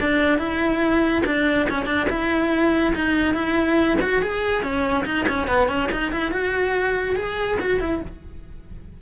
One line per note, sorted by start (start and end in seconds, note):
0.00 0.38 D4
0.38 1.23 E4
1.26 1.68 D4
1.70 1.86 C#4
1.86 2.07 D4
2.09 2.94 E4
2.95 3.34 D#4
3.34 3.98 E4
4.01 4.22 F#4
4.22 4.62 G#4
4.62 5.05 C#4
5.05 5.26 D#4
5.29 5.47 C#4
5.47 5.68 B3
5.68 5.89 C#4
5.92 6.12 D#4
6.12 6.31 E4
6.31 7.16 F#4
7.16 7.58 G#4
7.60 7.80 F#4
7.80 8.01 E4